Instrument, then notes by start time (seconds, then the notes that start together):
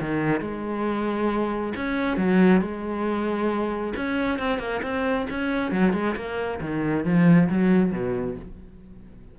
cello
0.00 D#3
0.41 G#3
1.76 C#4
2.17 F#3
2.61 G#3
3.96 C#4
4.39 C4
4.59 A#3
4.82 C4
5.30 C#4
5.72 F#3
5.93 G#3
6.16 A#3
6.61 D#3
7.05 F3
7.49 F#3
7.92 B2